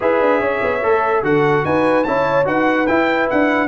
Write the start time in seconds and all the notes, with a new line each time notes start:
0.00 E4 G#4 B4 E5
0.20 D4
0.39 C#4 C#5
0.63 B3
0.82 A3 A4
1.22 D3 F#4 A4 F#5
1.64 D#4 B4 G#5
2.04 C#4 E4 C#5 A5
2.45 D#4 F#4 B4 F#5
2.86 E4 G5
3.30 D4 F#5